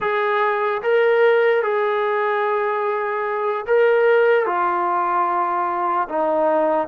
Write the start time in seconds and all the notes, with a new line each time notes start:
0.00 G#4
0.82 A#4
1.62 G#4
3.67 A#4
4.46 F4
6.08 D#4